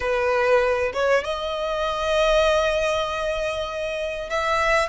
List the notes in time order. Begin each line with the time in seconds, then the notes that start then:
0.00 B4
0.93 C#5
1.24 D#5
4.29 E5